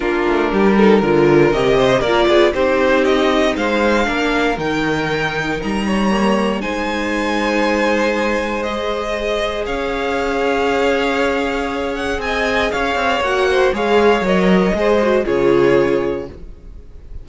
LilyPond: <<
  \new Staff \with { instrumentName = "violin" } { \time 4/4 \tempo 4 = 118 ais'2. dis''4 | d''4 c''4 dis''4 f''4~ | f''4 g''2 ais''4~ | ais''4 gis''2.~ |
gis''4 dis''2 f''4~ | f''2.~ f''8 fis''8 | gis''4 f''4 fis''4 f''4 | dis''2 cis''2 | }
  \new Staff \with { instrumentName = "violin" } { \time 4/4 f'4 g'8 a'8 ais'4. c''8 | ais'8 gis'8 g'2 c''4 | ais'2.~ ais'8 cis''8~ | cis''4 c''2.~ |
c''2. cis''4~ | cis''1 | dis''4 cis''4. c''8 cis''4~ | cis''4 c''4 gis'2 | }
  \new Staff \with { instrumentName = "viola" } { \time 4/4 d'4. dis'8 f'4 g'4 | f'4 dis'2. | d'4 dis'2. | ais4 dis'2.~ |
dis'4 gis'2.~ | gis'1~ | gis'2 fis'4 gis'4 | ais'4 gis'8 fis'8 f'2 | }
  \new Staff \with { instrumentName = "cello" } { \time 4/4 ais8 a8 g4 d4 c4 | ais8 b8 c'2 gis4 | ais4 dis2 g4~ | g4 gis2.~ |
gis2. cis'4~ | cis'1 | c'4 cis'8 c'8 ais4 gis4 | fis4 gis4 cis2 | }
>>